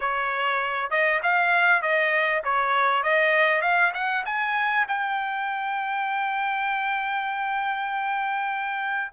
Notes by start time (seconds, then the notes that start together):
0.00 C#5
0.90 D#5
1.22 F5
1.82 D#5
2.44 C#5
3.03 D#5
3.61 F5
3.94 F#5
4.25 G#5
4.88 G5